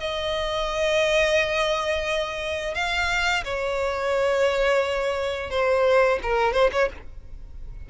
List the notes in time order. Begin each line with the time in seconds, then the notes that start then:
0.00 D#5
2.75 F5
3.45 C#5
5.50 C5
6.23 A#4
6.53 C5
6.72 C#5